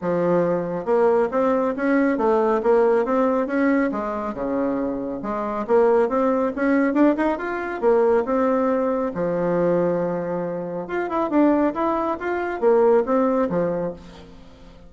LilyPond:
\new Staff \with { instrumentName = "bassoon" } { \time 4/4 \tempo 4 = 138 f2 ais4 c'4 | cis'4 a4 ais4 c'4 | cis'4 gis4 cis2 | gis4 ais4 c'4 cis'4 |
d'8 dis'8 f'4 ais4 c'4~ | c'4 f2.~ | f4 f'8 e'8 d'4 e'4 | f'4 ais4 c'4 f4 | }